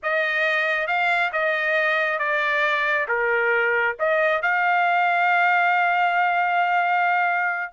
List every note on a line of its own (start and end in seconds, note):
0.02 0.87 D#5
0.87 1.31 F5
1.32 2.18 D#5
2.18 3.07 D5
3.08 3.96 A#4
3.99 4.42 D#5
4.42 7.73 F5